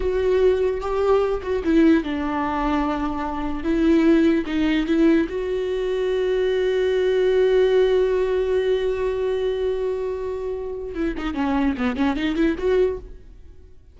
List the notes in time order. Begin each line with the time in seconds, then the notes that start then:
0.00 F#4
0.81 G4
1.42 F#4
1.63 E4
2.03 D4
3.63 E4
4.46 D#4
4.86 E4
5.28 F#4
10.94 E4
11.17 D#4
11.34 C#4
11.77 B3
11.96 C#4
12.16 D#4
12.35 E4
12.58 F#4